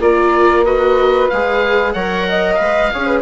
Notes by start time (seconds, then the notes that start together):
0.00 A#3 F4 A#4 D5
0.65 F#4 B4 D#5
1.30 G#3 G#4 F5
1.93 F#3 A#4 C#5 F#5
2.28 D#5
2.55 G#3 B4 F5
2.93 C#4 G#4 C#5
3.07 B4